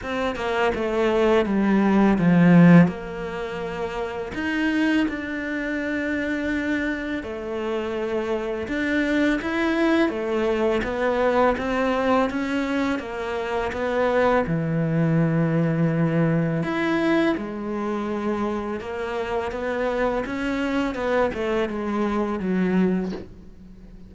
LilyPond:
\new Staff \with { instrumentName = "cello" } { \time 4/4 \tempo 4 = 83 c'8 ais8 a4 g4 f4 | ais2 dis'4 d'4~ | d'2 a2 | d'4 e'4 a4 b4 |
c'4 cis'4 ais4 b4 | e2. e'4 | gis2 ais4 b4 | cis'4 b8 a8 gis4 fis4 | }